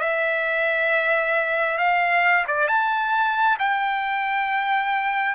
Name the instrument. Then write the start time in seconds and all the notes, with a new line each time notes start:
trumpet
0.00 E5
1.78 F5
2.48 D5
2.68 A5
3.59 G5